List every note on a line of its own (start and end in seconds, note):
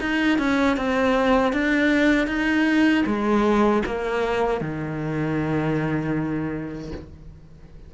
0.00 0.38 D#4
0.38 0.77 C#4
0.77 1.52 C4
1.52 2.27 D4
2.27 3.03 D#4
3.06 3.83 G#3
3.85 4.60 A#3
4.60 6.91 D#3